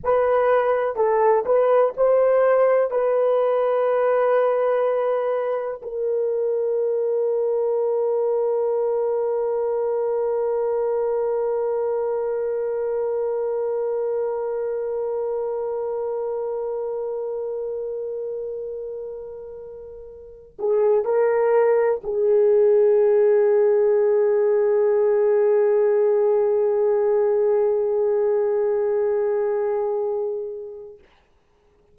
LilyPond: \new Staff \with { instrumentName = "horn" } { \time 4/4 \tempo 4 = 62 b'4 a'8 b'8 c''4 b'4~ | b'2 ais'2~ | ais'1~ | ais'1~ |
ais'1~ | ais'4~ ais'16 gis'8 ais'4 gis'4~ gis'16~ | gis'1~ | gis'1 | }